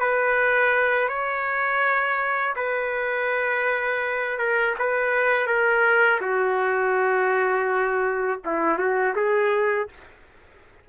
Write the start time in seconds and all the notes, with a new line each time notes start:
0.00 B4
1.08 C#5
2.56 B4
4.38 A#4
4.79 B4
5.47 A#4
6.21 F#4
8.45 E4
8.78 F#4
9.16 G#4